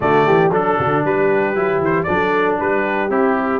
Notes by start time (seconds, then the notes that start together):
0.00 D3 A3 F#4 D5
0.26 E3 G4
0.49 F#3 D4 A4
0.78 D3 F#4
1.04 G3 G4 B4
1.55 F#3 E4
1.79 E3 C5
2.03 F#3 D4 D5
2.10 A4
2.59 G3 G4 B4
3.09 C4 E4 G4